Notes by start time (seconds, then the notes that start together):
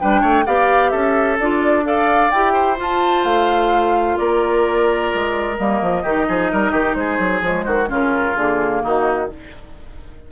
0.00 G3 D4 B4 G5
0.22 A3 C#5
0.46 B3 G4 D5 F5
0.90 C#4 A4 E5
1.40 D4 F4 D5
1.84 A4 D5 F5
2.31 E4 G4 G5
2.53 C5
2.77 F4 A5
3.25 A3 F5
4.18 A#3 A#4 D5
5.15 G#3
5.57 G3 A#3 D#5
5.82 F3
6.03 D#3 D#4 G4
6.29 F3 G#4
6.52 G3 A#4
6.72 D#3 G4
6.95 G#3 G#4 C5
7.19 F#3
7.42 F3 G#3 C#5
7.63 D#3 F#4 C5
7.89 C#3 C#4 F4 A#4
8.37 D3 A#3 G#4
8.84 D#3 D#4 F#4